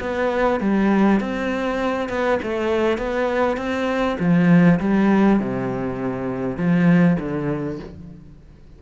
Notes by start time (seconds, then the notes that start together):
0.00 B3
0.60 G3
1.20 C4
2.09 B3
2.42 A3
2.98 B3
3.57 C4
4.19 F3
4.80 G3
5.39 C3
6.57 F3
7.19 D3